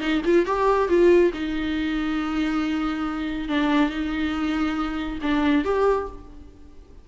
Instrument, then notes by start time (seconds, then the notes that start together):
viola
0.00 D#4
0.25 F4
0.46 G4
0.88 F4
1.33 D#4
3.48 D4
3.89 D#4
5.22 D4
5.64 G4